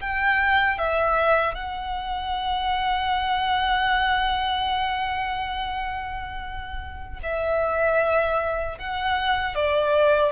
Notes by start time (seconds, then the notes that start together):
0.00 G5
0.78 E5
1.54 F#5
7.22 E5
8.78 F#5
9.55 D5